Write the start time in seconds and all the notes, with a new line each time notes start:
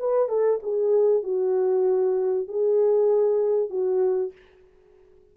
0.00 B4
0.29 A4
0.63 G#4
1.24 F#4
2.48 G#4
3.70 F#4